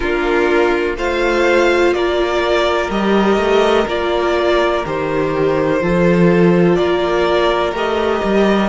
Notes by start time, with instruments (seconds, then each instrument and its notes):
0.00 cello A#3, viola D4, violin F4 A#4
0.96 cello A3, viola F4, violin C5 F5
1.92 cello A#3, violin A#4 D5
2.90 cello G3, viola G4, violin D#5
3.37 cello A3
3.87 cello A#3, viola F4, violin D5
4.85 cello D#3, viola G4, violin C5
5.81 cello F3, viola F4, violin A4
6.75 cello A#3, violin A#4 D5
7.72 cello A3, viola G4, violin D#5
8.24 cello G3